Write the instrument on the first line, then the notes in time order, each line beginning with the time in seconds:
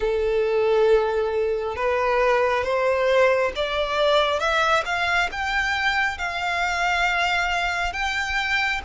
violin
0.00 A4
1.76 B4
2.64 C5
3.55 D5
4.39 E5
4.85 F5
5.31 G5
6.18 F5
7.93 G5